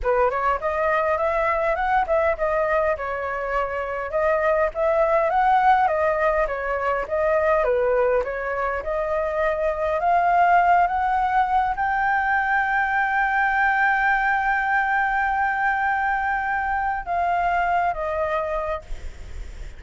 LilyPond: \new Staff \with { instrumentName = "flute" } { \time 4/4 \tempo 4 = 102 b'8 cis''8 dis''4 e''4 fis''8 e''8 | dis''4 cis''2 dis''4 | e''4 fis''4 dis''4 cis''4 | dis''4 b'4 cis''4 dis''4~ |
dis''4 f''4. fis''4. | g''1~ | g''1~ | g''4 f''4. dis''4. | }